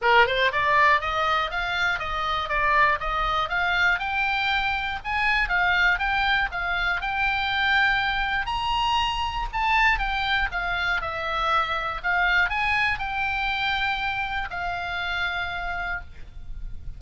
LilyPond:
\new Staff \with { instrumentName = "oboe" } { \time 4/4 \tempo 4 = 120 ais'8 c''8 d''4 dis''4 f''4 | dis''4 d''4 dis''4 f''4 | g''2 gis''4 f''4 | g''4 f''4 g''2~ |
g''4 ais''2 a''4 | g''4 f''4 e''2 | f''4 gis''4 g''2~ | g''4 f''2. | }